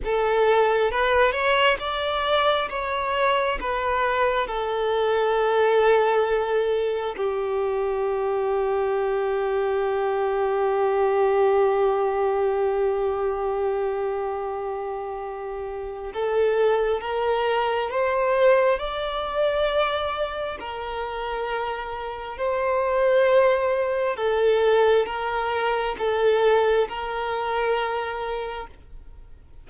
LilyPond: \new Staff \with { instrumentName = "violin" } { \time 4/4 \tempo 4 = 67 a'4 b'8 cis''8 d''4 cis''4 | b'4 a'2. | g'1~ | g'1~ |
g'2 a'4 ais'4 | c''4 d''2 ais'4~ | ais'4 c''2 a'4 | ais'4 a'4 ais'2 | }